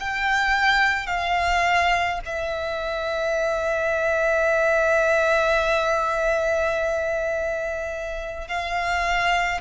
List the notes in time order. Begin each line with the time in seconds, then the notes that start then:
0.00 G5
1.07 F5
2.25 E5
8.48 F5